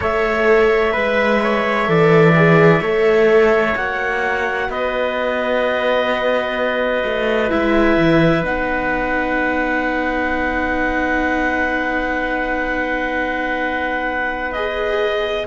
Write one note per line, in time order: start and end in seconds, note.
0.00 0.95 A3
0.00 0.93 A4
0.00 0.92 C#5
0.00 3.76 E5
0.92 1.88 G#3
0.92 1.39 B4
0.92 1.86 B4
1.42 1.89 C#5
1.86 2.80 E3
1.86 2.33 A4
1.86 2.81 D5
2.35 2.82 G#4
2.80 3.74 A3
2.80 3.75 A4
2.80 4.69 C#5
3.75 4.68 A#3
3.75 7.49 F#4
3.75 4.70 F#5
4.68 7.03 B3
4.68 15.46 B4
4.68 7.50 D#5
7.04 7.51 A3
7.49 7.96 G#3
7.49 8.43 E4
7.49 8.44 E5
7.96 8.43 E3
8.43 15.46 B3
8.43 14.53 D#4
8.43 14.52 F#5
14.52 15.46 G#4
14.52 15.46 D#5